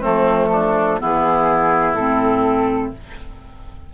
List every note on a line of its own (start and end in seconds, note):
0.00 1.02 F3
0.00 0.99 A3
0.00 0.48 C4
0.00 1.01 A4
0.52 1.00 D4
0.99 1.94 E3
0.99 1.96 B3
0.99 2.93 E4
0.99 1.94 G#4
1.94 2.91 A2
1.94 2.94 C4
1.94 2.91 A4